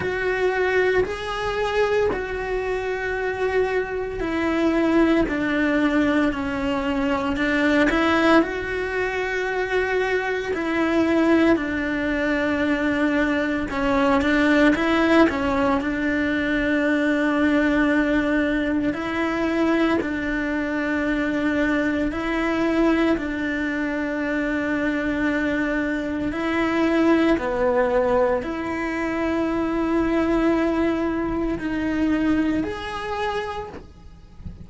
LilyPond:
\new Staff \with { instrumentName = "cello" } { \time 4/4 \tempo 4 = 57 fis'4 gis'4 fis'2 | e'4 d'4 cis'4 d'8 e'8 | fis'2 e'4 d'4~ | d'4 cis'8 d'8 e'8 cis'8 d'4~ |
d'2 e'4 d'4~ | d'4 e'4 d'2~ | d'4 e'4 b4 e'4~ | e'2 dis'4 gis'4 | }